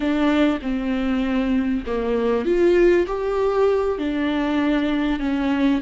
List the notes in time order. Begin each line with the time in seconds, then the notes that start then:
0.00 D4
0.62 C4
1.86 A#3
2.45 F4
3.06 G4
3.98 D4
5.19 C#4